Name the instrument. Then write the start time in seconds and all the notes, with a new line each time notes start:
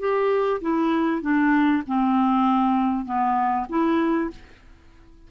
clarinet
0.00 G4
0.62 E4
1.22 D4
1.87 C4
3.06 B3
3.70 E4